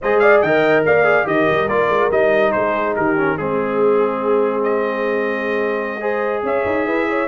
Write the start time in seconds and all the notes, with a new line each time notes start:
0.01 G#3 G#4 C5 D#5
0.19 D5 F5
0.41 D#3 A#4 D#5 G5
0.85 A#3 D5 F5
1.04 G#4
1.24 D#3 G4 A#4 D#5
1.51 G3
1.67 A#3 F4 D5
1.88 G#3
2.10 G3 D#4 D#5
2.51 G#3 G#4 C5
2.95 D#3 G4 A#4
3.16 C#4
3.37 G#3 C4 G#4
4.63 D#5
6.00 G#4 C5
6.42 C#4 C#5 E5
6.65 D#4
6.86 E4 B4
7.09 C#5